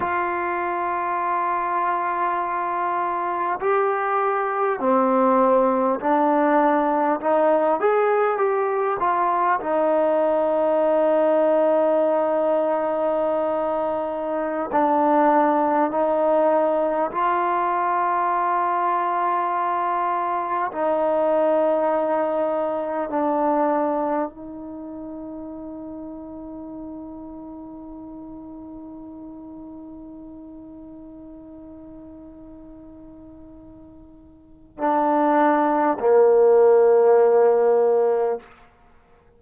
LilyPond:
\new Staff \with { instrumentName = "trombone" } { \time 4/4 \tempo 4 = 50 f'2. g'4 | c'4 d'4 dis'8 gis'8 g'8 f'8 | dis'1~ | dis'16 d'4 dis'4 f'4.~ f'16~ |
f'4~ f'16 dis'2 d'8.~ | d'16 dis'2.~ dis'8.~ | dis'1~ | dis'4 d'4 ais2 | }